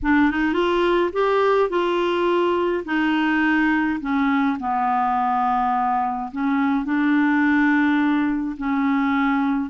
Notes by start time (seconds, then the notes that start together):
0.02 D4
0.30 D#4
0.53 F4
1.12 G4
1.69 F4
2.85 D#4
4.00 C#4
4.59 B3
6.31 C#4
6.84 D4
8.57 C#4